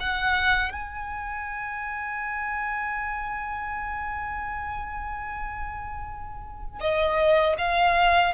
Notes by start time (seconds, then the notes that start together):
0.00 F#5
0.72 G#5
6.80 D#5
7.58 F5